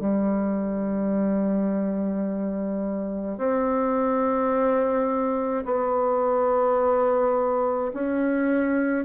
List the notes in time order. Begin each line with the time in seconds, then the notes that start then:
0.00 G3
3.38 C4
5.66 B3
7.94 C#4